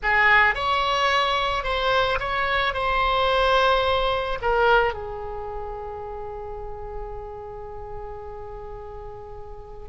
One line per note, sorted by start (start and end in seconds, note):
0.02 0.55 G#4
0.55 1.63 C#5
1.63 2.18 C5
2.19 2.73 C#5
2.73 4.38 C5
4.41 4.93 A#4
4.93 9.88 G#4